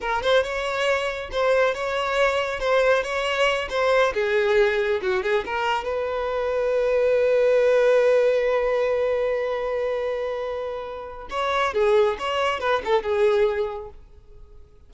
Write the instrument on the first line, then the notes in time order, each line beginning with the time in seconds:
violin
0.00 A#4
0.22 C5
0.43 C#5
1.31 C5
1.74 C#5
2.59 C5
3.03 C#5
3.69 C5
4.13 G#4
5.01 F#4
5.22 G#4
5.45 A#4
5.84 B4
11.30 C#5
11.73 G#4
12.19 C#5
12.60 B4
12.84 A4
13.02 G#4